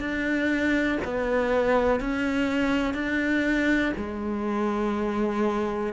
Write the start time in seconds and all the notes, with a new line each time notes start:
0.00 D4
1.05 B3
2.00 C#4
2.94 D4
3.97 G#3